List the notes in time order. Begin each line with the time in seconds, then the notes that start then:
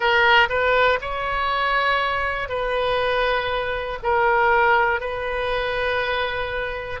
0.00 A#4
0.49 B4
1.00 C#5
2.49 B4
4.02 A#4
5.00 B4